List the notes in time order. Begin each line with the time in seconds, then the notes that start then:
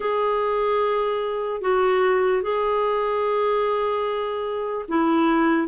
0.00 G#4
1.61 F#4
2.42 G#4
4.88 E4